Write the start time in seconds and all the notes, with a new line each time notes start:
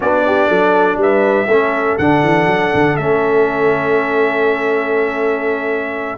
0.00 B3 D4 F#4 D5
0.26 G4
0.48 F#3 A4
0.96 G3 B4 E5
1.47 A3 C#4 A4
1.98 D3 D4 F#5
2.23 E3
2.46 F#3
2.74 D3
2.96 A3 C#4 E5